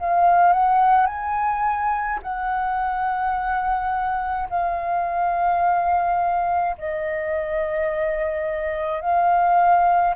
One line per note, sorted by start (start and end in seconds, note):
0.00 0.53 F5
0.53 1.07 F#5
1.07 2.20 G#5
2.22 4.49 F#5
4.50 6.76 F5
6.78 9.01 D#5
9.01 10.14 F5